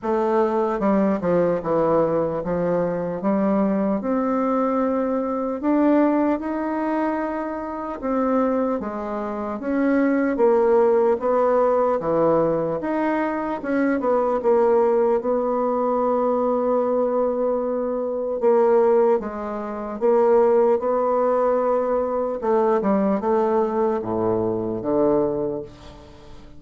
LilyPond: \new Staff \with { instrumentName = "bassoon" } { \time 4/4 \tempo 4 = 75 a4 g8 f8 e4 f4 | g4 c'2 d'4 | dis'2 c'4 gis4 | cis'4 ais4 b4 e4 |
dis'4 cis'8 b8 ais4 b4~ | b2. ais4 | gis4 ais4 b2 | a8 g8 a4 a,4 d4 | }